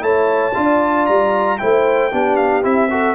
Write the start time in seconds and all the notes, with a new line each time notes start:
0.00 A3 E4 C#5 A5
0.54 D4 F4 D5
1.06 G3 A#5
1.58 A3 E4 C5 G5
2.12 B3 D4 G4
2.36 F5
2.63 C4 E4 E5
2.90 F#4 A4